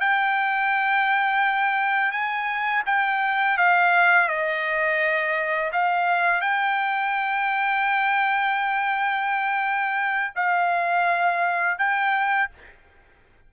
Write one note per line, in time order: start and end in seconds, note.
0.00 2.12 G5
2.12 2.83 G#5
2.86 3.57 G5
3.58 4.29 F5
4.29 5.72 D#5
5.73 6.42 F5
6.42 10.34 G5
10.36 11.79 F5
11.79 12.50 G5